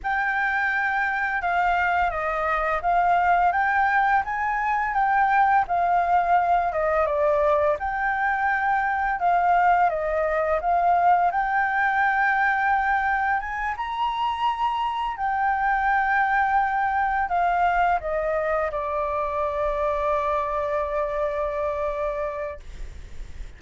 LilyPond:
\new Staff \with { instrumentName = "flute" } { \time 4/4 \tempo 4 = 85 g''2 f''4 dis''4 | f''4 g''4 gis''4 g''4 | f''4. dis''8 d''4 g''4~ | g''4 f''4 dis''4 f''4 |
g''2. gis''8 ais''8~ | ais''4. g''2~ g''8~ | g''8 f''4 dis''4 d''4.~ | d''1 | }